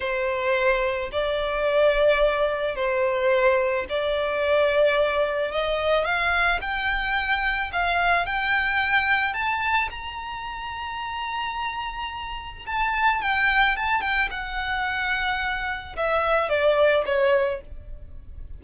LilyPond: \new Staff \with { instrumentName = "violin" } { \time 4/4 \tempo 4 = 109 c''2 d''2~ | d''4 c''2 d''4~ | d''2 dis''4 f''4 | g''2 f''4 g''4~ |
g''4 a''4 ais''2~ | ais''2. a''4 | g''4 a''8 g''8 fis''2~ | fis''4 e''4 d''4 cis''4 | }